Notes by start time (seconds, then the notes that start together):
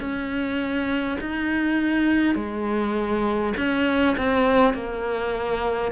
0.00 C#4
1.20 D#4
2.35 G#3
3.57 C#4
4.17 C4
4.74 A#3